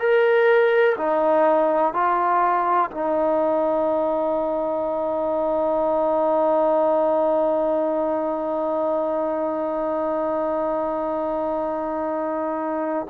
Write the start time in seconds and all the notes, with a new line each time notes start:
0.00 A#4
0.98 D#4
1.94 F4
2.92 D#4